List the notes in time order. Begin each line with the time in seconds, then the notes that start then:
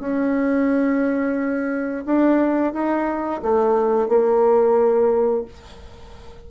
0.00 C#4
2.06 D4
2.73 D#4
3.43 A3
4.09 A#3